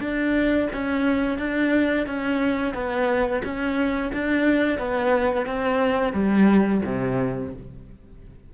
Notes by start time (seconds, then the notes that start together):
0.00 D4
0.73 C#4
1.38 D4
2.06 C#4
2.74 B3
3.44 C#4
4.12 D4
4.78 B3
5.46 C4
6.12 G3
6.85 C3